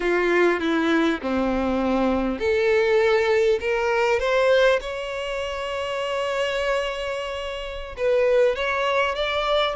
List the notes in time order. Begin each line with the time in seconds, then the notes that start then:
0.00 F4
0.59 E4
1.22 C4
2.39 A4
3.60 A#4
4.19 C5
4.80 C#5
7.97 B4
8.55 C#5
9.15 D5